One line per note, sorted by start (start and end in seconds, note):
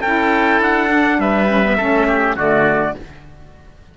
0.00 0.60 C#4
0.00 0.88 E4
0.00 1.18 A4
0.00 0.61 G5
0.60 1.19 D4
0.60 1.21 F#5
0.88 1.47 D4
1.19 1.78 G3
1.19 1.78 B4
1.19 2.38 E5
1.48 1.63 C#4
1.63 1.78 B3
1.78 2.36 A3
1.78 2.37 C#4
1.78 2.07 A4
2.08 2.36 G4
2.36 2.95 D3
2.36 2.95 A3
2.36 2.95 F#4
2.36 2.97 D5